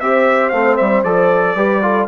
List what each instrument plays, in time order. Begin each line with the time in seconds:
0.00 bassoon C4, trombone G4, horn C5, trumpet E5
0.49 bassoon A3, trombone C4, trumpet F5
0.77 bassoon G3, trumpet E5
1.04 bassoon F3, trombone A4, trumpet D5
1.55 bassoon G3, trombone G4, horn B4
1.82 trombone F4, horn A4